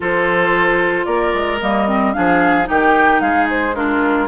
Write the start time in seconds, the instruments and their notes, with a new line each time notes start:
0.00 bassoon F3, clarinet F4, oboe A4, flute C5
1.05 bassoon A#3, oboe A#4, flute D5
1.33 bassoon G#3
1.60 bassoon G3, clarinet A#3, flute D#5
1.87 clarinet C4
2.13 bassoon F3, clarinet D4, oboe G#4, flute F5
2.64 bassoon D#3, clarinet D#4, oboe G4, flute G5
3.20 bassoon G#3, oboe G#4, flute F5
3.50 flute C5
3.75 clarinet D4, oboe F4, flute A#4